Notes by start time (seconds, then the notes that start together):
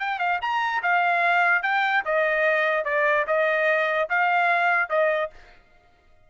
0.00 G5
0.19 F5
0.42 A#5
0.83 F5
1.63 G5
2.05 D#5
2.85 D5
3.27 D#5
4.09 F5
4.90 D#5